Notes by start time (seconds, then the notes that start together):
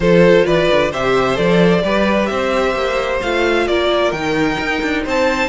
0.00 F3 F4 A4 C5
0.45 E3 B4 D5
0.71 D3
0.90 C3 G4 C5 E5
1.34 F3 A4 D5
1.83 G3 G4 B4
2.26 C4 C5 E5
2.75 A#3
3.21 A3 F4 F5
3.67 A#3 A#4 D5
4.11 D#3 D#4 G5
4.59 D#4
4.82 D4
5.04 C4 C5 A5